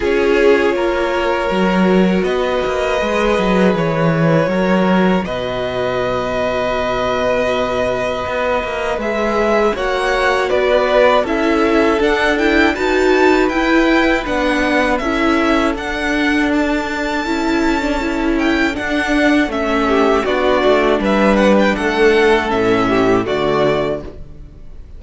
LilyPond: <<
  \new Staff \with { instrumentName = "violin" } { \time 4/4 \tempo 4 = 80 cis''2. dis''4~ | dis''4 cis''2 dis''4~ | dis''1 | e''4 fis''4 d''4 e''4 |
fis''8 g''8 a''4 g''4 fis''4 | e''4 fis''4 a''2~ | a''8 g''8 fis''4 e''4 d''4 | e''8 fis''16 g''16 fis''4 e''4 d''4 | }
  \new Staff \with { instrumentName = "violin" } { \time 4/4 gis'4 ais'2 b'4~ | b'2 ais'4 b'4~ | b'1~ | b'4 cis''4 b'4 a'4~ |
a'4 b'2. | a'1~ | a'2~ a'8 g'8 fis'4 | b'4 a'4. g'8 fis'4 | }
  \new Staff \with { instrumentName = "viola" } { \time 4/4 f'2 fis'2 | gis'2 fis'2~ | fis'1 | gis'4 fis'2 e'4 |
d'8 e'8 fis'4 e'4 d'4 | e'4 d'2 e'8. d'16 | e'4 d'4 cis'4 d'4~ | d'2 cis'4 a4 | }
  \new Staff \with { instrumentName = "cello" } { \time 4/4 cis'4 ais4 fis4 b8 ais8 | gis8 fis8 e4 fis4 b,4~ | b,2. b8 ais8 | gis4 ais4 b4 cis'4 |
d'4 dis'4 e'4 b4 | cis'4 d'2 cis'4~ | cis'4 d'4 a4 b8 a8 | g4 a4 a,4 d4 | }
>>